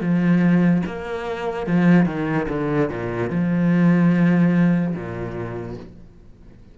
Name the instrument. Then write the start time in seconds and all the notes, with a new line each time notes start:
cello
0.00 F3
0.86 A#3
1.66 F3
2.05 D#3
2.48 D3
2.89 A#2
3.30 F3
4.95 A#2